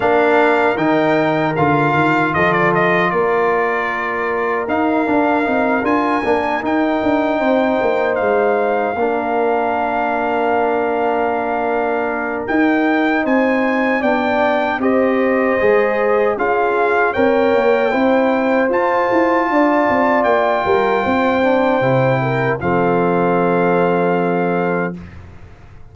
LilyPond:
<<
  \new Staff \with { instrumentName = "trumpet" } { \time 4/4 \tempo 4 = 77 f''4 g''4 f''4 dis''16 d''16 dis''8 | d''2 f''4. gis''8~ | gis''8 g''2 f''4.~ | f''1 |
g''4 gis''4 g''4 dis''4~ | dis''4 f''4 g''2 | a''2 g''2~ | g''4 f''2. | }
  \new Staff \with { instrumentName = "horn" } { \time 4/4 ais'2. a'4 | ais'1~ | ais'4. c''2 ais'8~ | ais'1~ |
ais'4 c''4 d''4 c''4~ | c''4 gis'4 cis''4 c''4~ | c''4 d''4. ais'8 c''4~ | c''8 ais'8 a'2. | }
  \new Staff \with { instrumentName = "trombone" } { \time 4/4 d'4 dis'4 f'2~ | f'2 dis'8 d'8 dis'8 f'8 | d'8 dis'2. d'8~ | d'1 |
dis'2 d'4 g'4 | gis'4 f'4 ais'4 e'4 | f'2.~ f'8 d'8 | e'4 c'2. | }
  \new Staff \with { instrumentName = "tuba" } { \time 4/4 ais4 dis4 d8 dis8 f4 | ais2 dis'8 d'8 c'8 d'8 | ais8 dis'8 d'8 c'8 ais8 gis4 ais8~ | ais1 |
dis'4 c'4 b4 c'4 | gis4 cis'4 c'8 ais8 c'4 | f'8 e'8 d'8 c'8 ais8 g8 c'4 | c4 f2. | }
>>